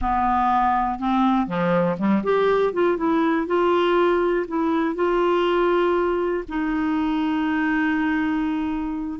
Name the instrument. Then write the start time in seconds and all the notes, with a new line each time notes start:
clarinet
0.01 B3
0.99 C4
1.47 F3
1.98 G3
2.23 G4
2.73 F4
2.97 E4
3.46 F4
4.47 E4
4.95 F4
6.48 D#4